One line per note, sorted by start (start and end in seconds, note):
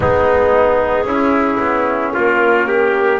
0.00 1.04 G#3
0.00 1.06 B3
0.00 1.07 D#4
0.00 2.14 G#4
1.04 1.57 C#4
1.04 3.20 C#4
1.04 2.14 E4
1.59 2.12 B3
2.14 3.20 A#3
2.14 2.67 F4
2.14 3.20 A#4
2.67 3.20 G4